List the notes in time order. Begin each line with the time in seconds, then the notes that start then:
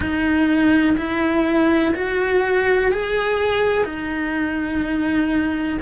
0.00 D#4
0.97 E4
1.94 F#4
2.91 G#4
3.84 D#4